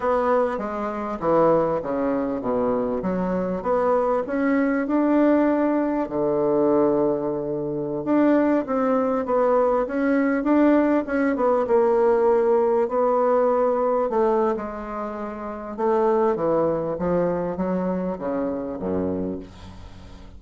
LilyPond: \new Staff \with { instrumentName = "bassoon" } { \time 4/4 \tempo 4 = 99 b4 gis4 e4 cis4 | b,4 fis4 b4 cis'4 | d'2 d2~ | d4~ d16 d'4 c'4 b8.~ |
b16 cis'4 d'4 cis'8 b8 ais8.~ | ais4~ ais16 b2 a8. | gis2 a4 e4 | f4 fis4 cis4 fis,4 | }